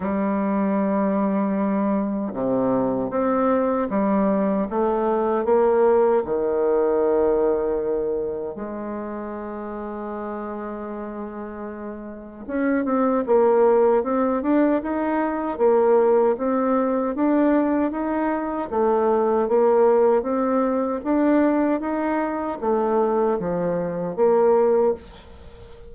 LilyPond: \new Staff \with { instrumentName = "bassoon" } { \time 4/4 \tempo 4 = 77 g2. c4 | c'4 g4 a4 ais4 | dis2. gis4~ | gis1 |
cis'8 c'8 ais4 c'8 d'8 dis'4 | ais4 c'4 d'4 dis'4 | a4 ais4 c'4 d'4 | dis'4 a4 f4 ais4 | }